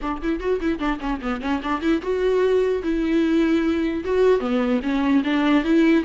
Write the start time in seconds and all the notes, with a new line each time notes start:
0.01 D4
0.22 E4
0.40 F#4
0.60 E4
0.79 D4
1.00 C#4
1.21 B3
1.41 C#4
1.62 D4
1.81 E4
2.01 F#4
2.83 E4
4.04 F#4
4.40 B3
4.82 C#4
5.24 D4
5.64 E4